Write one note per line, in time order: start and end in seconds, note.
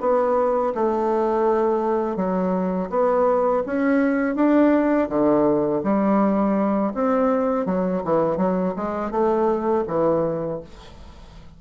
0.00 0.73 B3
0.75 2.16 A3
2.16 2.89 F#3
2.90 3.63 B3
3.66 4.35 C#4
4.35 5.08 D4
5.09 5.82 D3
5.83 6.93 G3
6.94 7.66 C4
7.66 8.02 F#3
8.04 8.37 E3
8.37 8.73 F#3
8.76 9.11 G#3
9.11 9.84 A3
9.87 10.61 E3